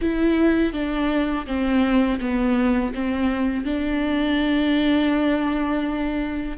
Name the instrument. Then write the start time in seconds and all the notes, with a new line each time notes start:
viola
0.01 E4
0.73 D4
1.46 C4
2.20 B3
2.94 C4
3.65 D4